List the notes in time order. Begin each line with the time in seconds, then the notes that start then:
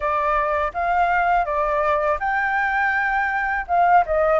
0.00 D5
0.73 F5
1.45 D5
2.20 G5
3.68 F5
4.05 D#5